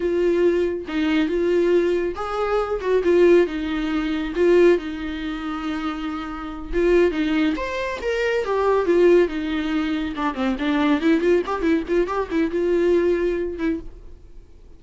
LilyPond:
\new Staff \with { instrumentName = "viola" } { \time 4/4 \tempo 4 = 139 f'2 dis'4 f'4~ | f'4 gis'4. fis'8 f'4 | dis'2 f'4 dis'4~ | dis'2.~ dis'8 f'8~ |
f'8 dis'4 c''4 ais'4 g'8~ | g'8 f'4 dis'2 d'8 | c'8 d'4 e'8 f'8 g'8 e'8 f'8 | g'8 e'8 f'2~ f'8 e'8 | }